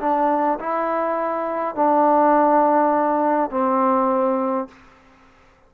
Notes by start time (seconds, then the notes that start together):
0.00 D4
0.60 E4
1.75 D4
3.51 C4